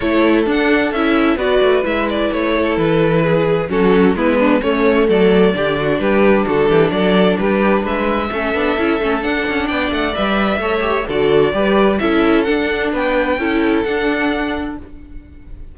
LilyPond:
<<
  \new Staff \with { instrumentName = "violin" } { \time 4/4 \tempo 4 = 130 cis''4 fis''4 e''4 d''4 | e''8 d''8 cis''4 b'2 | a'4 b'4 cis''4 d''4~ | d''4 b'4 a'4 d''4 |
b'4 e''2. | fis''4 g''8 fis''8 e''2 | d''2 e''4 fis''4 | g''2 fis''2 | }
  \new Staff \with { instrumentName = "violin" } { \time 4/4 a'2. b'4~ | b'4. a'4. gis'4 | fis'4 e'8 d'8 cis'4 a'4 | g'8 fis'8 g'4 fis'8 g'8 a'4 |
g'4 b'4 a'2~ | a'4 d''2 cis''4 | a'4 b'4 a'2 | b'4 a'2. | }
  \new Staff \with { instrumentName = "viola" } { \time 4/4 e'4 d'4 e'4 fis'4 | e'1 | cis'4 b4 a2 | d'1~ |
d'2 cis'8 d'8 e'8 cis'8 | d'2 b'4 a'8 g'8 | fis'4 g'4 e'4 d'4~ | d'4 e'4 d'2 | }
  \new Staff \with { instrumentName = "cello" } { \time 4/4 a4 d'4 cis'4 b8 a8 | gis4 a4 e2 | fis4 gis4 a4 fis4 | d4 g4 d8 e8 fis4 |
g4 gis4 a8 b8 cis'8 a8 | d'8 cis'8 b8 a8 g4 a4 | d4 g4 cis'4 d'4 | b4 cis'4 d'2 | }
>>